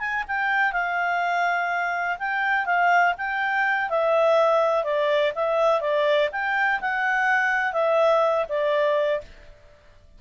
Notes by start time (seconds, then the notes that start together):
0.00 G#5
0.28 G5
0.73 F5
2.19 G5
2.66 F5
3.18 G5
3.90 E5
4.85 D5
5.36 E5
5.81 D5
6.32 G5
6.81 F#5
7.74 E5
8.49 D5